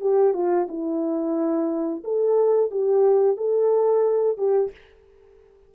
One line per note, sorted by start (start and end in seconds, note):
0.00 0.33 G4
0.33 0.67 F4
0.68 2.03 E4
2.04 2.70 A4
2.70 3.36 G4
3.36 4.37 A4
4.37 4.71 G4